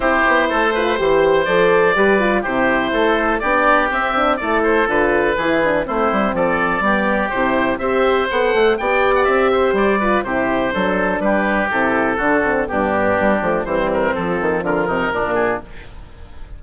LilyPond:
<<
  \new Staff \with { instrumentName = "oboe" } { \time 4/4 \tempo 4 = 123 c''2. d''4~ | d''4 c''2 d''4 | e''4 d''8 c''8 b'2 | c''4 d''2 c''4 |
e''4 fis''4 g''8. fis''16 e''4 | d''4 c''2 b'4 | a'2 g'2 | c''8 ais'8 a'4 ais'4. gis'8 | }
  \new Staff \with { instrumentName = "oboe" } { \time 4/4 g'4 a'8 b'8 c''2 | b'4 g'4 a'4 g'4~ | g'4 a'2 gis'4 | e'4 a'4 g'2 |
c''2 d''4. c''8~ | c''8 b'8 g'4 a'4 g'4~ | g'4 fis'4 d'2 | c'2 f'8 dis'8 d'4 | }
  \new Staff \with { instrumentName = "horn" } { \time 4/4 e'4. f'8 g'4 a'4 | g'8 f'8 e'2 d'4 | c'8 d'8 e'4 f'4 e'8 d'8 | c'2 b4 e'4 |
g'4 a'4 g'2~ | g'8 f'8 e'4 d'2 | e'4 d'8 c'8 b4. a8 | g4 f2 ais4 | }
  \new Staff \with { instrumentName = "bassoon" } { \time 4/4 c'8 b8 a4 e4 f4 | g4 c4 a4 b4 | c'4 a4 d4 e4 | a8 g8 f4 g4 c4 |
c'4 b8 a8 b4 c'4 | g4 c4 fis4 g4 | c4 d4 g,4 g8 f8 | e4 f8 dis8 d8 c8 ais,4 | }
>>